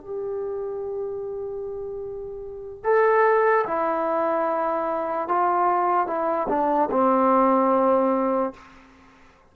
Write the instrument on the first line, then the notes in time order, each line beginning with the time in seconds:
trombone
0.00 G4
2.84 A4
3.67 E4
5.28 F4
6.07 E4
6.49 D4
6.91 C4